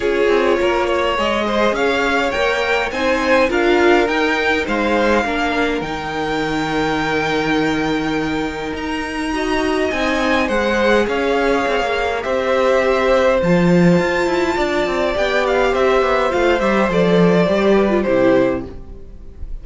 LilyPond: <<
  \new Staff \with { instrumentName = "violin" } { \time 4/4 \tempo 4 = 103 cis''2 dis''4 f''4 | g''4 gis''4 f''4 g''4 | f''2 g''2~ | g''2. ais''4~ |
ais''4 gis''4 fis''4 f''4~ | f''4 e''2 a''4~ | a''2 g''8 f''8 e''4 | f''8 e''8 d''2 c''4 | }
  \new Staff \with { instrumentName = "violin" } { \time 4/4 gis'4 ais'8 cis''4 c''8 cis''4~ | cis''4 c''4 ais'2 | c''4 ais'2.~ | ais'1 |
dis''2 c''4 cis''4~ | cis''4 c''2.~ | c''4 d''2 c''4~ | c''2~ c''8 b'8 g'4 | }
  \new Staff \with { instrumentName = "viola" } { \time 4/4 f'2 gis'2 | ais'4 dis'4 f'4 dis'4~ | dis'4 d'4 dis'2~ | dis'1 |
fis'4 dis'4 gis'2~ | gis'4 g'2 f'4~ | f'2 g'2 | f'8 g'8 a'4 g'8. f'16 e'4 | }
  \new Staff \with { instrumentName = "cello" } { \time 4/4 cis'8 c'8 ais4 gis4 cis'4 | ais4 c'4 d'4 dis'4 | gis4 ais4 dis2~ | dis2. dis'4~ |
dis'4 c'4 gis4 cis'4 | c'16 ais8. c'2 f4 | f'8 e'8 d'8 c'8 b4 c'8 b8 | a8 g8 f4 g4 c4 | }
>>